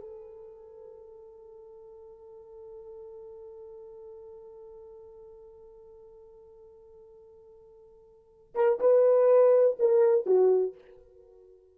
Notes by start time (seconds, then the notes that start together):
0.00 A4
8.55 A#4
8.80 B4
9.79 A#4
10.26 F#4